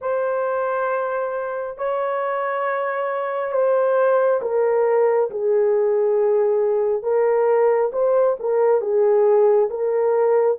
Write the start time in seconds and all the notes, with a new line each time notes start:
0.01 C5
1.77 C#5
3.52 C5
4.41 A#4
5.30 G#4
7.02 A#4
7.92 C5
8.39 A#4
8.81 G#4
9.69 A#4